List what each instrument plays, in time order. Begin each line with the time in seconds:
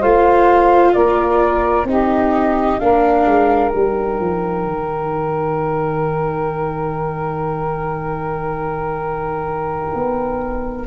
0.00 tuba A3, viola F4, saxophone C5, flute F5
0.94 tuba A#3, saxophone A#4, flute D5
1.85 tuba C4, viola D#4, saxophone G4
1.91 flute D#5
2.80 tuba A#3, viola D4, saxophone A#4, flute F5
3.26 tuba G#3
3.69 viola D#4, flute G5
3.75 tuba G3
4.20 tuba F3
4.66 tuba D#3
9.94 tuba B3